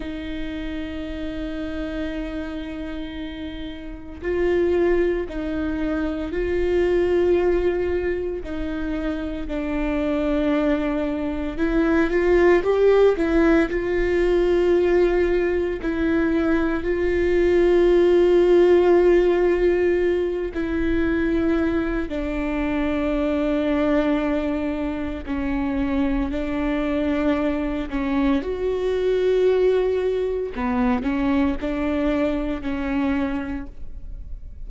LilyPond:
\new Staff \with { instrumentName = "viola" } { \time 4/4 \tempo 4 = 57 dis'1 | f'4 dis'4 f'2 | dis'4 d'2 e'8 f'8 | g'8 e'8 f'2 e'4 |
f'2.~ f'8 e'8~ | e'4 d'2. | cis'4 d'4. cis'8 fis'4~ | fis'4 b8 cis'8 d'4 cis'4 | }